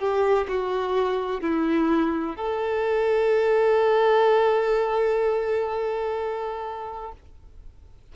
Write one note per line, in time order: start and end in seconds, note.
0.00 0.48 G4
0.49 1.42 F#4
1.42 2.36 E4
2.36 7.13 A4